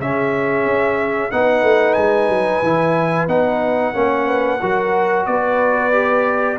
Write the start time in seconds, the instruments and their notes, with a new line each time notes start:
0.00 tuba C#3, trombone C#4, horn G#4, trumpet E5
0.66 tuba C#4
1.32 tuba B3, trombone D#4, horn B4, trumpet F#5
1.63 tuba A3
1.94 tuba G#3, trumpet G#5
2.29 tuba F#3
2.63 tuba E3, trombone E4
3.28 tuba B3, trombone D#4, trumpet F#5
3.94 tuba A#3, trombone C#4, horn C#5
4.28 horn B4
4.61 tuba F#3, trombone F#4, horn A#4
5.27 tuba B3, horn B4, trumpet D5
5.92 trombone G4